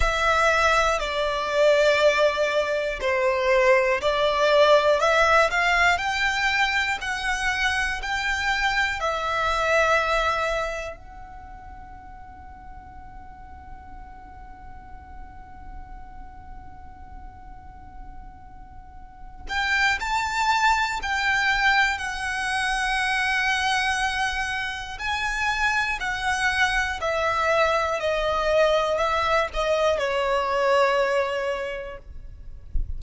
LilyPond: \new Staff \with { instrumentName = "violin" } { \time 4/4 \tempo 4 = 60 e''4 d''2 c''4 | d''4 e''8 f''8 g''4 fis''4 | g''4 e''2 fis''4~ | fis''1~ |
fis''2.~ fis''8 g''8 | a''4 g''4 fis''2~ | fis''4 gis''4 fis''4 e''4 | dis''4 e''8 dis''8 cis''2 | }